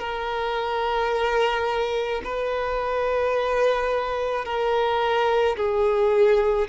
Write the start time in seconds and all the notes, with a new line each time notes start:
0.00 A#4
2.25 B4
4.45 A#4
5.57 G#4